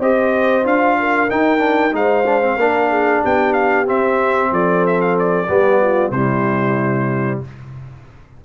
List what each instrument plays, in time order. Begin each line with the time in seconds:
0.00 tuba C4, trombone G4, horn C5, trumpet D#5
0.64 tuba D4, trombone F4, trumpet F5
1.00 horn A#4
1.31 trombone D#4, tuba D#4, trumpet G5
1.58 trombone D4
1.93 tuba G#3, trombone D#4, horn C5, trumpet F5
2.27 trombone D4
2.42 trombone C4
2.56 tuba A#3, trombone D4, horn A#4
2.90 horn G#4
3.22 tuba B3, horn G4, trumpet G5
3.53 trumpet F5
3.86 trombone C4, tuba C4, trumpet E5
4.52 tuba F3, horn A4, trumpet D5
4.87 trumpet E5
5.01 trumpet F5
5.19 trumpet D5
5.47 tuba G3, trombone B3, horn G4
5.81 horn F4
6.11 tuba C3, trombone G3, horn E4, trumpet C5